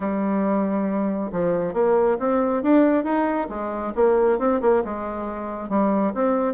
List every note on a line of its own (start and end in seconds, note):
0.00 1.31 G3
1.32 1.73 F3
1.73 2.17 A#3
2.19 2.62 C4
2.62 3.03 D4
3.03 3.47 D#4
3.49 3.93 G#3
3.95 4.38 A#3
4.38 4.60 C4
4.61 4.83 A#3
4.84 5.69 G#3
5.69 6.13 G3
6.14 6.54 C4